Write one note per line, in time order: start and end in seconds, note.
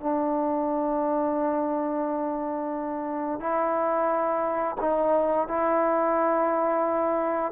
0.00 3.39 D4
3.39 4.76 E4
4.80 5.48 D#4
5.48 7.52 E4